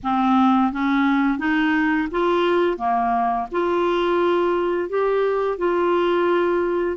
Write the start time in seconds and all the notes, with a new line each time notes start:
0.03 C4
0.72 C#4
1.38 D#4
2.11 F4
2.77 A#3
3.51 F4
4.89 G4
5.58 F4